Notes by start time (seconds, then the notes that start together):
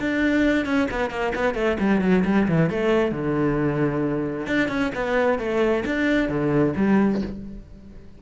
0.00 D4
0.65 C#4
0.91 B3
1.10 A#3
1.35 B3
1.54 A3
1.79 G3
2.01 F#3
2.25 G3
2.48 E3
2.70 A3
3.11 D3
4.47 D4
4.69 C#4
4.95 B3
5.39 A3
5.86 D4
6.29 D3
6.76 G3